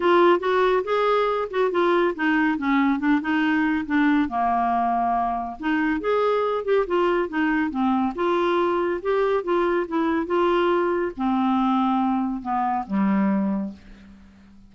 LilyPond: \new Staff \with { instrumentName = "clarinet" } { \time 4/4 \tempo 4 = 140 f'4 fis'4 gis'4. fis'8 | f'4 dis'4 cis'4 d'8 dis'8~ | dis'4 d'4 ais2~ | ais4 dis'4 gis'4. g'8 |
f'4 dis'4 c'4 f'4~ | f'4 g'4 f'4 e'4 | f'2 c'2~ | c'4 b4 g2 | }